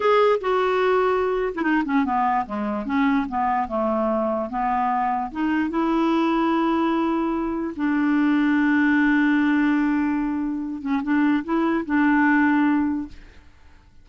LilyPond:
\new Staff \with { instrumentName = "clarinet" } { \time 4/4 \tempo 4 = 147 gis'4 fis'2~ fis'8. e'16 | dis'8 cis'8 b4 gis4 cis'4 | b4 a2 b4~ | b4 dis'4 e'2~ |
e'2. d'4~ | d'1~ | d'2~ d'8 cis'8 d'4 | e'4 d'2. | }